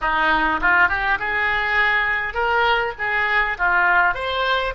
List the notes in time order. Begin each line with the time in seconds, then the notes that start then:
0.01 D#4
0.61 F4
0.89 G4
1.19 G#4
2.33 A#4
2.98 G#4
3.58 F4
4.14 C5